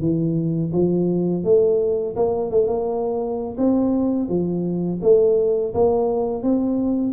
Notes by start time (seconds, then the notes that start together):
0.00 E3
0.72 F3
1.44 A3
2.16 A#3
2.51 A3
2.67 A#3
3.57 C4
4.29 F3
5.02 A3
5.74 A#3
6.43 C4